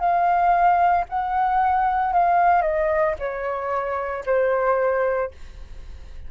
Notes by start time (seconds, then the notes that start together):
0.00 F5
1.10 F#5
2.13 F5
2.62 D#5
3.20 C#5
4.26 C5